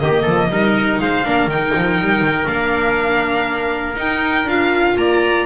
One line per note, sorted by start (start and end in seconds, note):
0.00 0.26 D#3
0.00 0.50 A#3
0.00 0.23 G4
0.00 0.99 D#5
0.23 0.50 F3
0.23 0.47 A4
0.50 0.99 G3
0.50 1.24 D#4
0.50 1.01 A#4
1.00 1.26 G#3
1.00 1.27 C5
1.00 1.50 F5
1.24 1.47 A#3
1.24 1.49 D4
1.24 4.98 A#4
1.47 1.72 D#3
1.47 2.46 D#4
1.47 2.48 G5
1.77 2.01 F3
2.01 2.21 G3
2.21 2.46 D#3
2.46 3.96 A#3
2.46 3.95 D4
2.46 3.96 F5
3.96 4.46 D#4
3.96 4.45 D#4
3.96 4.49 G5
4.45 4.95 D4
4.45 5.46 F4
4.45 4.98 F5
4.97 5.46 A#3
4.97 5.46 D5
4.97 5.46 A#5